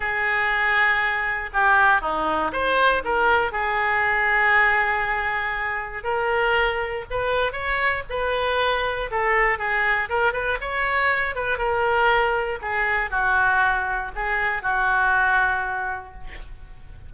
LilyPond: \new Staff \with { instrumentName = "oboe" } { \time 4/4 \tempo 4 = 119 gis'2. g'4 | dis'4 c''4 ais'4 gis'4~ | gis'1 | ais'2 b'4 cis''4 |
b'2 a'4 gis'4 | ais'8 b'8 cis''4. b'8 ais'4~ | ais'4 gis'4 fis'2 | gis'4 fis'2. | }